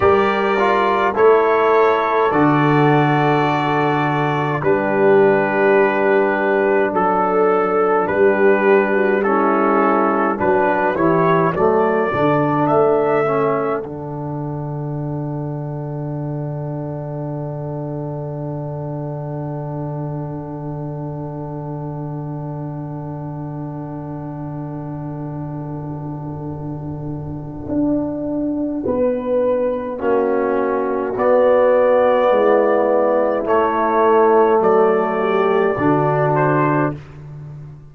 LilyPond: <<
  \new Staff \with { instrumentName = "trumpet" } { \time 4/4 \tempo 4 = 52 d''4 cis''4 d''2 | b'2 a'4 b'4 | a'4 b'8 cis''8 d''4 e''4 | fis''1~ |
fis''1~ | fis''1~ | fis''2. d''4~ | d''4 cis''4 d''4. c''8 | }
  \new Staff \with { instrumentName = "horn" } { \time 4/4 ais'4 a'2. | g'2 a'4 g'8. fis'16 | e'4 fis'8 g'8 a'2~ | a'1~ |
a'1~ | a'1~ | a'4 b'4 fis'2 | e'2 a'8 g'8 fis'4 | }
  \new Staff \with { instrumentName = "trombone" } { \time 4/4 g'8 f'8 e'4 fis'2 | d'1 | cis'4 d'8 e'8 a8 d'4 cis'8 | d'1~ |
d'1~ | d'1~ | d'2 cis'4 b4~ | b4 a2 d'4 | }
  \new Staff \with { instrumentName = "tuba" } { \time 4/4 g4 a4 d2 | g2 fis4 g4~ | g4 fis8 e8 fis8 d8 a4 | d1~ |
d1~ | d1 | d'4 b4 ais4 b4 | gis4 a4 fis4 d4 | }
>>